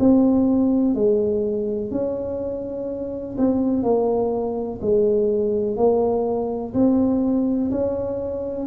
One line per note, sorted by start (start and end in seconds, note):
0.00 0.95 C4
0.95 1.91 G#3
1.91 3.37 C#4
3.38 3.84 C4
3.84 4.80 A#3
4.82 5.77 G#3
5.77 6.74 A#3
6.74 7.71 C4
7.72 8.67 C#4